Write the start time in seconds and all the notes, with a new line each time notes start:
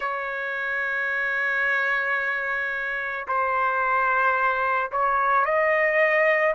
0.00 C#5
3.27 C5
4.91 C#5
5.45 D#5